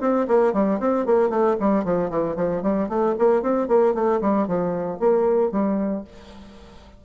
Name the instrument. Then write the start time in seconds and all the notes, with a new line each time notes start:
bassoon
0.00 C4
0.28 A#3
0.53 G3
0.79 C4
1.06 A#3
1.29 A3
1.60 G3
1.84 F3
2.10 E3
2.36 F3
2.62 G3
2.89 A3
3.19 A#3
3.42 C4
3.68 A#3
3.94 A3
4.21 G3
4.47 F3
4.99 A#3
5.51 G3